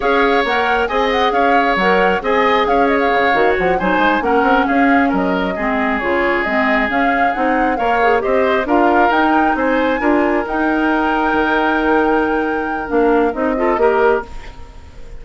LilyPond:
<<
  \new Staff \with { instrumentName = "flute" } { \time 4/4 \tempo 4 = 135 f''4 fis''4 gis''8 fis''8 f''4 | fis''4 gis''4 f''8 dis''16 f''4~ f''16 | fis''8 gis''4 fis''4 f''4 dis''8~ | dis''4. cis''4 dis''4 f''8~ |
f''8 fis''4 f''4 dis''4 f''8~ | f''8 g''4 gis''2 g''8~ | g''1~ | g''4 f''4 dis''2 | }
  \new Staff \with { instrumentName = "oboe" } { \time 4/4 cis''2 dis''4 cis''4~ | cis''4 dis''4 cis''2~ | cis''8 c''4 ais'4 gis'4 ais'8~ | ais'8 gis'2.~ gis'8~ |
gis'4. cis''4 c''4 ais'8~ | ais'4. c''4 ais'4.~ | ais'1~ | ais'2~ ais'8 a'8 ais'4 | }
  \new Staff \with { instrumentName = "clarinet" } { \time 4/4 gis'4 ais'4 gis'2 | ais'4 gis'2~ gis'8 fis'8~ | fis'8 dis'4 cis'2~ cis'8~ | cis'8 c'4 f'4 c'4 cis'8~ |
cis'8 dis'4 ais'8 gis'8 g'4 f'8~ | f'8 dis'2 f'4 dis'8~ | dis'1~ | dis'4 d'4 dis'8 f'8 g'4 | }
  \new Staff \with { instrumentName = "bassoon" } { \time 4/4 cis'4 ais4 c'4 cis'4 | fis4 c'4 cis'4 cis8 dis8 | f8 fis8 gis8 ais8 c'8 cis'4 fis8~ | fis8 gis4 cis4 gis4 cis'8~ |
cis'8 c'4 ais4 c'4 d'8~ | d'8 dis'4 c'4 d'4 dis'8~ | dis'4. dis2~ dis8~ | dis4 ais4 c'4 ais4 | }
>>